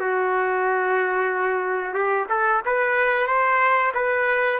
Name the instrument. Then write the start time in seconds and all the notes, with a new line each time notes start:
trumpet
0.00 F#4
1.94 G4
2.29 A4
2.65 B4
3.27 C5
3.94 B4